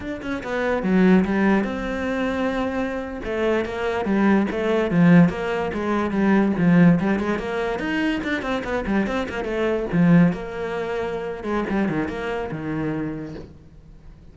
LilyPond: \new Staff \with { instrumentName = "cello" } { \time 4/4 \tempo 4 = 144 d'8 cis'8 b4 fis4 g4 | c'2.~ c'8. a16~ | a8. ais4 g4 a4 f16~ | f8. ais4 gis4 g4 f16~ |
f8. g8 gis8 ais4 dis'4 d'16~ | d'16 c'8 b8 g8 c'8 ais8 a4 f16~ | f8. ais2~ ais8. gis8 | g8 dis8 ais4 dis2 | }